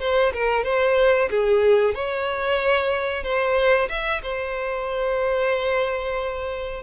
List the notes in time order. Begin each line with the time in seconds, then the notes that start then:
0.00 C5
0.33 A#4
0.64 C5
1.30 G#4
1.95 C#5
3.23 C5
3.89 E5
4.23 C5